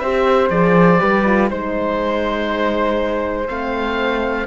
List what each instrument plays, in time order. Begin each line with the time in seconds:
0.00 cello C4, horn G4, flute C5, oboe E5
0.50 cello F3, horn G#4, oboe D5
0.99 cello G3, horn G4, flute B4
1.26 horn F4
1.50 cello G#3, horn D#4, oboe C5, flute C5
3.48 cello A3, horn C4, oboe F5